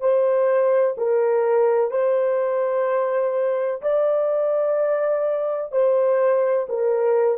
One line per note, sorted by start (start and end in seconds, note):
0.00 0.95 C5
0.97 1.90 A#4
1.90 3.81 C5
3.81 5.71 D5
5.71 6.67 C5
6.68 7.38 A#4